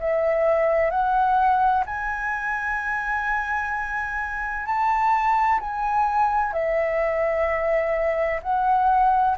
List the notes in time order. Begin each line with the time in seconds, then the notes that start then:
0.00 E5
0.90 F#5
1.86 G#5
4.66 A5
5.60 G#5
6.53 E5
8.42 F#5